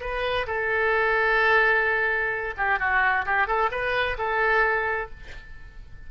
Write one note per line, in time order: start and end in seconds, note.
0.00 0.46 B4
0.46 2.54 A4
2.57 2.79 G4
2.79 3.25 F#4
3.25 3.47 G4
3.47 3.70 A4
3.71 4.17 B4
4.17 5.10 A4